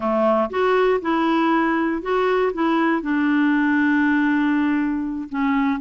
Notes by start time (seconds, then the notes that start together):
0.00 A3
0.50 F#4
1.01 E4
2.02 F#4
2.53 E4
3.01 D4
5.29 C#4